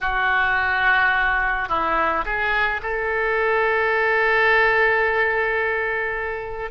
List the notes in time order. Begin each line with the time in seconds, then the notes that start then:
0.01 F#4
1.68 E4
2.25 G#4
2.82 A4